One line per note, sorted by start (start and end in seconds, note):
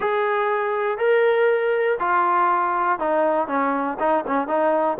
0.00 0.97 G#4
0.97 1.97 A#4
1.99 2.99 F4
2.99 3.47 D#4
3.47 3.97 C#4
3.99 4.24 D#4
4.26 4.47 C#4
4.47 4.97 D#4